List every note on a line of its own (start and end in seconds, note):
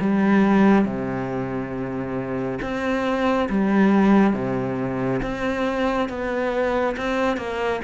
0.00 0.85 G3
0.85 2.59 C3
2.62 3.49 C4
3.49 4.34 G3
4.34 5.21 C3
5.22 6.09 C4
6.09 6.96 B3
6.97 7.37 C4
7.37 7.81 A#3